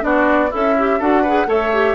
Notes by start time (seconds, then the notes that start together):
0.00 B3 D4 F#4 D5
0.50 C#4 E4 A4 E5
0.78 G4
0.99 D4 F#4 A4 F#5
1.22 G#4 B4
1.46 A3 A4 C#5 E5
1.73 G4